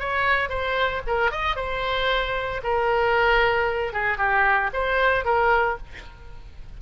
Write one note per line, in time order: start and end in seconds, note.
0.00 0.50 C#5
0.50 1.02 C5
1.07 1.32 A#4
1.32 1.56 D#5
1.56 2.61 C5
2.64 3.93 A#4
3.93 4.18 G#4
4.18 4.71 G4
4.74 5.25 C5
5.25 5.78 A#4